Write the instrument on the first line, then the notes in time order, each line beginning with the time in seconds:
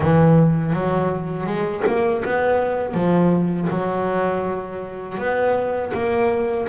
double bass
0.00 E3
0.73 F#3
1.46 G#3
1.86 A#3
2.24 B3
2.94 F3
3.70 F#3
5.18 B3
5.93 A#3